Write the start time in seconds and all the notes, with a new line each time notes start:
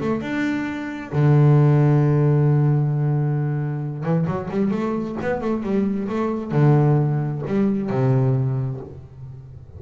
0.00 A3
0.22 D4
1.12 D3
4.04 E3
4.27 F#3
4.50 G3
4.71 A3
5.21 B3
5.41 A3
5.63 G3
6.08 A3
6.51 D3
7.47 G3
7.90 C3